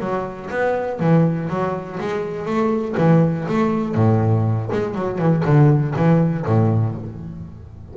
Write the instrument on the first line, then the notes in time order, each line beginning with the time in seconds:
double bass
0.00 F#3
0.50 B3
0.99 E3
1.49 F#3
2.00 G#3
2.45 A3
2.98 E3
3.48 A3
3.95 A2
4.72 G#3
4.95 F#3
5.18 E3
5.45 D3
5.96 E3
6.46 A2